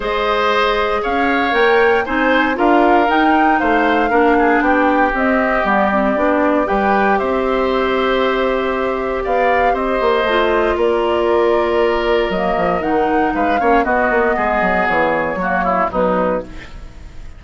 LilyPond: <<
  \new Staff \with { instrumentName = "flute" } { \time 4/4 \tempo 4 = 117 dis''2 f''4 g''4 | gis''4 f''4 g''4 f''4~ | f''4 g''4 dis''4 d''4~ | d''4 g''4 e''2~ |
e''2 f''4 dis''4~ | dis''4 d''2. | dis''4 fis''4 f''4 dis''4~ | dis''4 cis''2 b'4 | }
  \new Staff \with { instrumentName = "oboe" } { \time 4/4 c''2 cis''2 | c''4 ais'2 c''4 | ais'8 gis'8 g'2.~ | g'4 b'4 c''2~ |
c''2 d''4 c''4~ | c''4 ais'2.~ | ais'2 b'8 cis''8 fis'4 | gis'2 fis'8 e'8 dis'4 | }
  \new Staff \with { instrumentName = "clarinet" } { \time 4/4 gis'2. ais'4 | dis'4 f'4 dis'2 | d'2 c'4 b8 c'8 | d'4 g'2.~ |
g'1 | f'1 | ais4 dis'4. cis'8 b4~ | b2 ais4 fis4 | }
  \new Staff \with { instrumentName = "bassoon" } { \time 4/4 gis2 cis'4 ais4 | c'4 d'4 dis'4 a4 | ais4 b4 c'4 g4 | b4 g4 c'2~ |
c'2 b4 c'8 ais8 | a4 ais2. | fis8 f8 dis4 gis8 ais8 b8 ais8 | gis8 fis8 e4 fis4 b,4 | }
>>